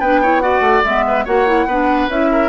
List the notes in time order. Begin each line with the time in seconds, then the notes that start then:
0.00 B3 D4 B4 G5
0.22 E4 C#5
0.40 F#4 D5 F#5
0.60 A3
0.85 G#3 B3 E5
1.08 B4
1.25 A#3 F#4 C#5 F#5
1.47 E4
1.66 B3 D4 B4
2.08 C#4 E4 E5
2.32 A#4